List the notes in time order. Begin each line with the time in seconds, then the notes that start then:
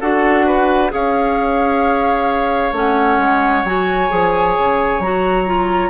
0.00 D4 F#4 A4 F#5
0.46 B4
0.90 C#4 G#4 C#5 F5
2.72 A3 C#4 F#5
3.18 G#3
3.64 F#3 F#4 G#5
4.09 F3 G#4
4.58 C#3
4.99 F#3 F#4 A#5
5.46 F4